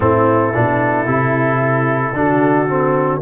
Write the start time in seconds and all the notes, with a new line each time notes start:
0.00 A2 C4 E4 A4
0.53 B2 D4
1.06 C3 E4
2.13 D3 D4 F#4
2.67 C4